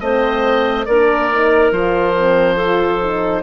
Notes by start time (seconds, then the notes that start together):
0.00 A3 C4 C5 D#5
0.86 A#3 D4 A#4 D5
1.32 D#4
1.72 F3 F4 C5
2.16 C4
2.56 F4 A4
3.01 D#4